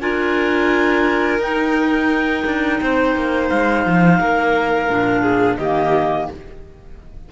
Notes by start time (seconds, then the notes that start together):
0.00 D4 F4 A#4 G#5
1.39 D#4 G5
2.45 D4
2.81 C4 C5
3.15 A#3
3.49 G#3 F5
3.86 F3
4.19 A#3 A#4
4.89 A#2 D4
5.22 G#4
5.57 D#3 A#3 G4 D#5